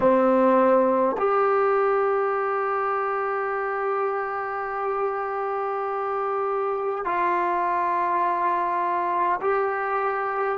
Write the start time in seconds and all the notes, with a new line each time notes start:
0.00 C4
1.17 G4
7.04 F4
9.41 G4